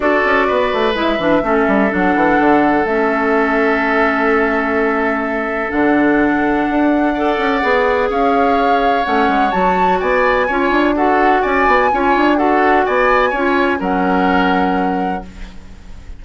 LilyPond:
<<
  \new Staff \with { instrumentName = "flute" } { \time 4/4 \tempo 4 = 126 d''2 e''2 | fis''2 e''2~ | e''1 | fis''1~ |
fis''4 f''2 fis''4 | a''4 gis''2 fis''4 | gis''2 fis''4 gis''4~ | gis''4 fis''2. | }
  \new Staff \with { instrumentName = "oboe" } { \time 4/4 a'4 b'2 a'4~ | a'1~ | a'1~ | a'2. d''4~ |
d''4 cis''2.~ | cis''4 d''4 cis''4 a'4 | d''4 cis''4 a'4 d''4 | cis''4 ais'2. | }
  \new Staff \with { instrumentName = "clarinet" } { \time 4/4 fis'2 e'8 d'8 cis'4 | d'2 cis'2~ | cis'1 | d'2. a'4 |
gis'2. cis'4 | fis'2 f'4 fis'4~ | fis'4 f'4 fis'2 | f'4 cis'2. | }
  \new Staff \with { instrumentName = "bassoon" } { \time 4/4 d'8 cis'8 b8 a8 gis8 e8 a8 g8 | fis8 e8 d4 a2~ | a1 | d2 d'4. cis'8 |
b4 cis'2 a8 gis8 | fis4 b4 cis'8 d'4. | cis'8 b8 cis'8 d'4. b4 | cis'4 fis2. | }
>>